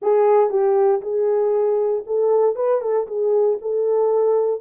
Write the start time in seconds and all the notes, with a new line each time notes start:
0.02 G#4
0.50 G4
1.01 G#4
2.06 A4
2.55 B4
2.81 A4
3.07 G#4
3.61 A4